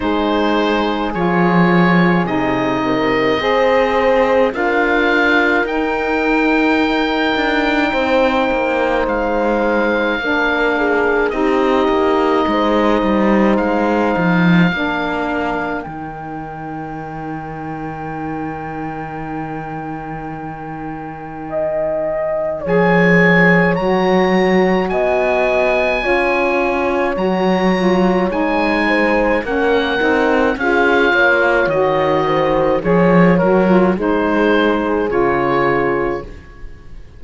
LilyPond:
<<
  \new Staff \with { instrumentName = "oboe" } { \time 4/4 \tempo 4 = 53 c''4 cis''4 dis''2 | f''4 g''2. | f''2 dis''2 | f''2 g''2~ |
g''1 | gis''4 ais''4 gis''2 | ais''4 gis''4 fis''4 f''4 | dis''4 cis''8 ais'8 c''4 cis''4 | }
  \new Staff \with { instrumentName = "horn" } { \time 4/4 gis'2~ gis'8 ais'8 c''4 | ais'2. c''4~ | c''4 ais'8 gis'8 g'4 c''4~ | c''4 ais'2.~ |
ais'2. dis''4 | cis''2 dis''4 cis''4~ | cis''4. c''8 ais'4 gis'8 cis''8~ | cis''8 c''8 cis''4 gis'2 | }
  \new Staff \with { instrumentName = "saxophone" } { \time 4/4 dis'4 f'4 dis'4 gis'4 | f'4 dis'2.~ | dis'4 d'4 dis'2~ | dis'4 d'4 dis'2~ |
dis'1 | gis'4 fis'2 f'4 | fis'8 f'8 dis'4 cis'8 dis'8 f'4 | fis'4 gis'8 fis'16 f'16 dis'4 f'4 | }
  \new Staff \with { instrumentName = "cello" } { \time 4/4 gis4 f4 c4 c'4 | d'4 dis'4. d'8 c'8 ais8 | gis4 ais4 c'8 ais8 gis8 g8 | gis8 f8 ais4 dis2~ |
dis1 | f4 fis4 b4 cis'4 | fis4 gis4 ais8 c'8 cis'8 ais8 | dis4 f8 fis8 gis4 cis4 | }
>>